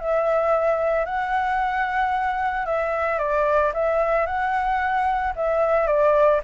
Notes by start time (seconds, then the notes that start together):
0.00 E5
1.06 F#5
2.66 E5
3.19 D5
3.74 E5
4.27 F#5
5.36 E5
5.87 D5